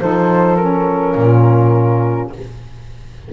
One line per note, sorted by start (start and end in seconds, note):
0.00 1.15 F3
0.00 0.58 D#4
0.00 1.15 A4
0.00 0.56 C5
0.56 2.32 C#4
0.56 2.29 A#4
1.15 2.31 A#2
1.15 2.33 F4